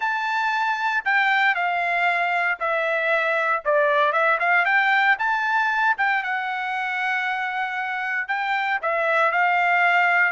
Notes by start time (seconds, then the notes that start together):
0.00 A5
1.04 G5
1.54 F5
2.59 E5
3.64 D5
4.12 E5
4.39 F5
4.65 G5
5.18 A5
5.97 G5
6.23 F#5
8.28 G5
8.81 E5
9.31 F5